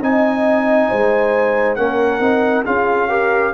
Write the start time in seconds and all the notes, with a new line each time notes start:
0.00 C4 D#4 D#5 G#5
0.89 G#3 C5
1.75 A#3 C#4 A#4 F#5
2.19 C4 D#4
2.65 C#4 F4 G#4 F5
3.08 G4 A#4